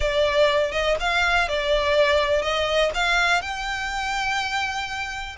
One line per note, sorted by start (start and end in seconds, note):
0.00 0.71 D5
0.71 0.96 D#5
1.00 1.48 F5
1.48 2.41 D5
2.41 2.90 D#5
2.94 3.41 F5
3.41 5.36 G5